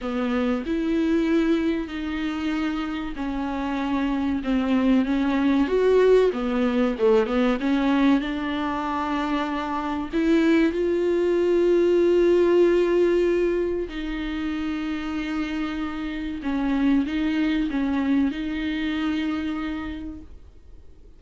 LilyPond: \new Staff \with { instrumentName = "viola" } { \time 4/4 \tempo 4 = 95 b4 e'2 dis'4~ | dis'4 cis'2 c'4 | cis'4 fis'4 b4 a8 b8 | cis'4 d'2. |
e'4 f'2.~ | f'2 dis'2~ | dis'2 cis'4 dis'4 | cis'4 dis'2. | }